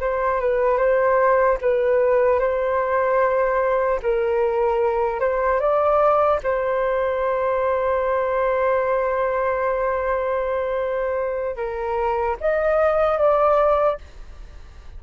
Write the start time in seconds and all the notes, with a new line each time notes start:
0.00 C5
0.40 B4
0.77 C5
1.61 B4
2.39 C5
4.02 A#4
5.20 C5
5.60 D5
6.43 C5
11.56 A#4
12.40 D#5
13.18 D5